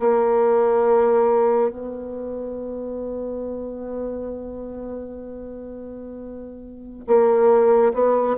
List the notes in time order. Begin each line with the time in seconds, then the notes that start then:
0.00 A#3
1.70 B3
7.08 A#3
7.94 B3